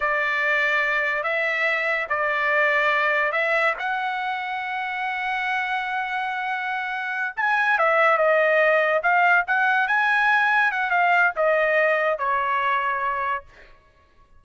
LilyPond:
\new Staff \with { instrumentName = "trumpet" } { \time 4/4 \tempo 4 = 143 d''2. e''4~ | e''4 d''2. | e''4 fis''2.~ | fis''1~ |
fis''4. gis''4 e''4 dis''8~ | dis''4. f''4 fis''4 gis''8~ | gis''4. fis''8 f''4 dis''4~ | dis''4 cis''2. | }